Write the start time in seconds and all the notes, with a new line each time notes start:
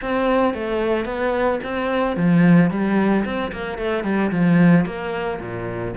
0.01 C4
0.54 A3
1.05 B3
1.63 C4
2.16 F3
2.70 G3
3.24 C4
3.52 A#3
3.78 A3
4.03 G3
4.31 F3
4.85 A#3
5.40 A#2